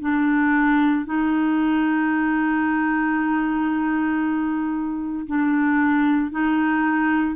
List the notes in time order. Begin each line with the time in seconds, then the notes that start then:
0.00 D4
1.05 D#4
5.26 D4
6.31 D#4